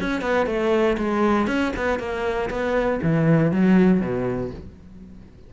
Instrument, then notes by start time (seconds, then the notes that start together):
cello
0.00 C#4
0.21 B3
0.46 A3
0.97 G#3
1.47 C#4
1.76 B3
1.99 A#3
2.50 B3
3.02 E3
3.51 F#3
4.00 B2